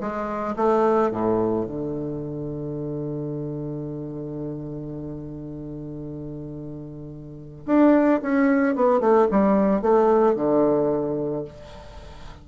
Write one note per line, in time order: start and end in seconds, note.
0.00 0.55 G#3
0.56 1.10 A3
1.11 1.65 A2
1.65 7.65 D3
7.66 8.20 D4
8.21 8.75 C#4
8.75 9.00 B3
9.00 9.27 A3
9.30 9.82 G3
9.82 10.35 A3
10.35 11.44 D3